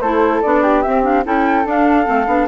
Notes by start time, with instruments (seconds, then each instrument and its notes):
0.00 bassoon A3, clarinet E4, flute A4 C5
0.42 bassoon B3, clarinet D4, flute D5
0.63 flute G4
0.82 clarinet C4, bassoon C4, flute E5
1.03 clarinet D4, flute F5
1.24 bassoon C#4, clarinet E4, flute A4 G5
1.65 bassoon D4, clarinet D4, flute F5
2.05 bassoon A3, clarinet C4
2.27 bassoon B3, clarinet D4